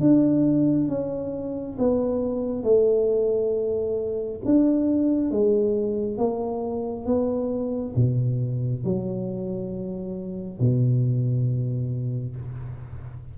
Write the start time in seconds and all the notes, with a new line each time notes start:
0.00 D4
0.88 C#4
1.78 B3
2.63 A3
4.45 D4
5.31 G#3
6.17 A#3
7.05 B3
7.95 B2
8.84 F#3
10.59 B2